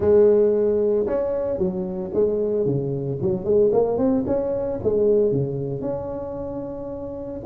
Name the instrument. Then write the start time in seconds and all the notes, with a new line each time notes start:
tuba
0.00 G#3
1.06 C#4
1.57 F#3
2.13 G#3
2.65 C#3
3.21 F#3
3.44 G#3
3.72 A#3
3.97 C4
4.26 C#4
4.83 G#3
5.31 C#3
5.81 C#4